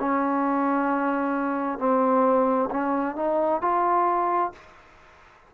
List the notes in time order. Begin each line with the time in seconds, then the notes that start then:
0.00 C#4
1.79 C4
2.71 C#4
3.17 D#4
3.62 F4